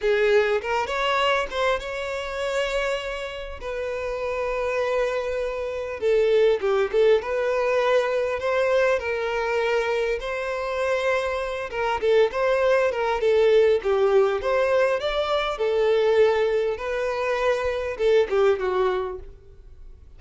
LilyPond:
\new Staff \with { instrumentName = "violin" } { \time 4/4 \tempo 4 = 100 gis'4 ais'8 cis''4 c''8 cis''4~ | cis''2 b'2~ | b'2 a'4 g'8 a'8 | b'2 c''4 ais'4~ |
ais'4 c''2~ c''8 ais'8 | a'8 c''4 ais'8 a'4 g'4 | c''4 d''4 a'2 | b'2 a'8 g'8 fis'4 | }